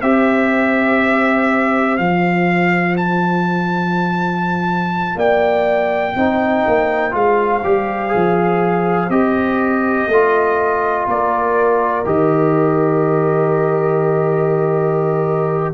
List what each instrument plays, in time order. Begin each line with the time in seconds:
0.00 tuba C4, trombone G4, horn C5, trumpet E5
1.98 tuba F3, trombone F4, trumpet F5
2.97 trumpet A5
5.16 tuba A#3, horn D5, trumpet G5
6.15 tuba C4, trombone D#4, horn C5
6.67 tuba A#3
7.11 tuba G#3, trombone F4, trumpet F5
7.64 tuba G3, trombone G4
8.09 trombone G#4
8.15 tuba F3
9.09 tuba C4, trombone G4, trumpet D#5
10.07 tuba A3, trombone F4
11.06 tuba A#3, horn A#4, trumpet D5
12.05 tuba D#3, trombone G4, trumpet D#5